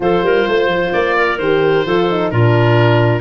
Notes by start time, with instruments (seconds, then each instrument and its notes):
0.00 tuba F3, horn F4, clarinet A4, oboe C5
0.22 tuba G3, clarinet A#4
0.47 tuba A3, clarinet C5
0.66 tuba F3
0.93 tuba A#3, oboe D5
1.17 clarinet A#4
1.38 tuba D#3, horn G4, oboe C5
1.85 tuba F3, horn F4, clarinet A4
2.09 horn D#4
2.30 tuba A#2, horn D4, clarinet F4, oboe A#4